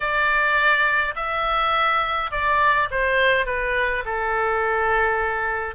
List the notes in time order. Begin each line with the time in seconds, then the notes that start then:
0.00 D5
1.15 E5
2.31 D5
2.90 C5
3.46 B4
4.05 A4